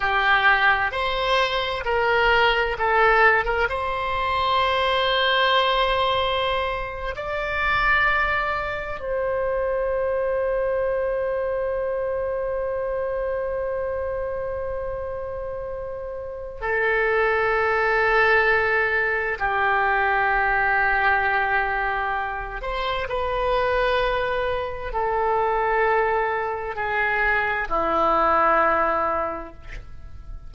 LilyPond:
\new Staff \with { instrumentName = "oboe" } { \time 4/4 \tempo 4 = 65 g'4 c''4 ais'4 a'8. ais'16 | c''2.~ c''8. d''16~ | d''4.~ d''16 c''2~ c''16~ | c''1~ |
c''2 a'2~ | a'4 g'2.~ | g'8 c''8 b'2 a'4~ | a'4 gis'4 e'2 | }